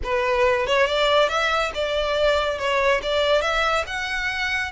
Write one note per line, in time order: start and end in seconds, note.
0.03 0.66 B4
0.66 0.86 C#5
0.86 1.29 D5
1.29 1.71 E5
1.74 2.58 D5
2.58 3.01 C#5
3.02 3.41 D5
3.41 3.84 E5
3.86 4.71 F#5